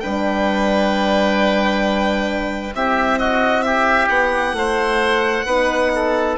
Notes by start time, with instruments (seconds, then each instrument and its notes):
0.00 bassoon G3, horn D4, oboe B4, violin G5
2.74 bassoon C4, horn E4, oboe G4, violin E5
3.18 oboe F#4, violin D#5
3.62 oboe G4, violin E5
4.08 bassoon B3, violin F#5
4.52 bassoon A3, oboe C5
5.46 bassoon B3, horn D#4, oboe B4
5.95 oboe A4